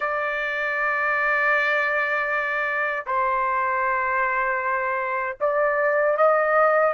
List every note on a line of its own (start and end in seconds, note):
0.00 3.05 D5
3.06 5.37 C5
5.40 6.17 D5
6.17 6.93 D#5